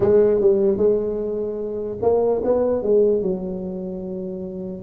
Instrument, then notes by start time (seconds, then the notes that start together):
tuba
0.00 G#3
0.40 G3
0.77 G#3
2.02 A#3
2.44 B3
2.82 G#3
3.22 F#3